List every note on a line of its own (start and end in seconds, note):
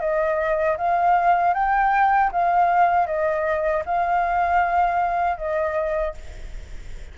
0.00 0.77 D#5
0.77 1.53 F5
1.53 2.30 G5
2.32 3.06 F5
3.06 3.83 D#5
3.85 5.37 F5
5.37 6.14 D#5